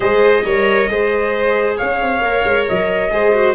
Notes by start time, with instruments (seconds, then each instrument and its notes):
0.00 tuba G#3, viola G#4, violin C5, trumpet D#5
0.44 tuba G3, viola A#4, violin C#5
0.88 tuba G#3, viola G#4, violin C5
1.77 tuba C#4, violin C#5, trumpet F5
2.01 tuba C4
2.20 tuba A#3, viola A#4
2.44 tuba G#3
2.68 tuba F#3, trumpet D#5
3.10 tuba G#3, viola G#4, violin C5
3.34 viola F#4